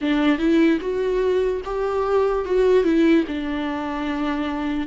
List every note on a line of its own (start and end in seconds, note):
0.01 0.38 D4
0.38 0.79 E4
0.80 1.61 F#4
1.64 2.45 G4
2.45 2.83 F#4
2.83 3.24 E4
3.27 4.86 D4